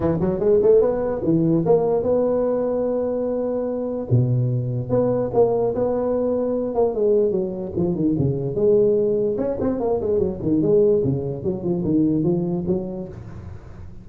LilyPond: \new Staff \with { instrumentName = "tuba" } { \time 4/4 \tempo 4 = 147 e8 fis8 gis8 a8 b4 e4 | ais4 b2.~ | b2 b,2 | b4 ais4 b2~ |
b8 ais8 gis4 fis4 f8 dis8 | cis4 gis2 cis'8 c'8 | ais8 gis8 fis8 dis8 gis4 cis4 | fis8 f8 dis4 f4 fis4 | }